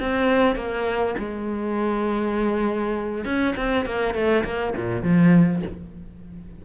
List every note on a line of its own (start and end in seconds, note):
0.00 0.56 C4
0.56 1.15 A#3
1.18 3.25 G#3
3.25 3.54 C#4
3.56 3.85 C4
3.85 4.14 A#3
4.14 4.44 A3
4.44 4.74 A#3
4.76 5.03 A#2
5.03 5.62 F3